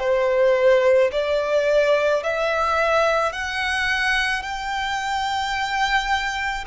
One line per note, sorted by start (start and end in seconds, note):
0.00 1.11 C5
1.12 2.23 D5
2.23 3.32 E5
3.32 4.42 F#5
4.42 6.65 G5